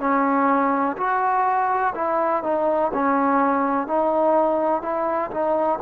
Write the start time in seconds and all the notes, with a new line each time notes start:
0.00 C#4
0.97 F#4
1.95 E4
2.43 D#4
2.94 C#4
3.88 D#4
4.82 E4
5.31 D#4